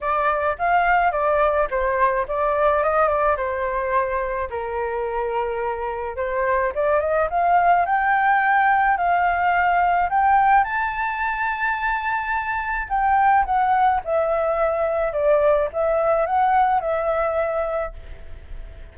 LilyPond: \new Staff \with { instrumentName = "flute" } { \time 4/4 \tempo 4 = 107 d''4 f''4 d''4 c''4 | d''4 dis''8 d''8 c''2 | ais'2. c''4 | d''8 dis''8 f''4 g''2 |
f''2 g''4 a''4~ | a''2. g''4 | fis''4 e''2 d''4 | e''4 fis''4 e''2 | }